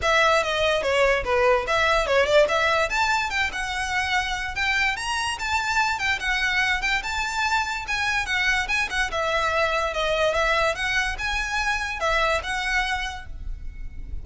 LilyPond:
\new Staff \with { instrumentName = "violin" } { \time 4/4 \tempo 4 = 145 e''4 dis''4 cis''4 b'4 | e''4 cis''8 d''8 e''4 a''4 | g''8 fis''2~ fis''8 g''4 | ais''4 a''4. g''8 fis''4~ |
fis''8 g''8 a''2 gis''4 | fis''4 gis''8 fis''8 e''2 | dis''4 e''4 fis''4 gis''4~ | gis''4 e''4 fis''2 | }